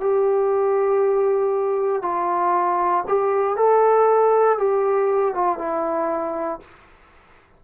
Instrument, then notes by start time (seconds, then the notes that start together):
trombone
0.00 G4
2.02 F4
3.08 G4
3.56 A4
4.58 G4
5.34 F4
5.58 E4